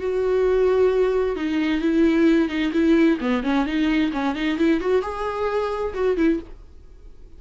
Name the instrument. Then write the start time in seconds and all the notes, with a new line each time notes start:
viola
0.00 F#4
1.36 D#4
1.81 E4
2.49 D#4
2.73 E4
3.21 B3
3.43 C#4
3.66 D#4
4.12 C#4
4.35 D#4
4.58 E4
4.80 F#4
5.02 G#4
5.94 F#4
6.17 E4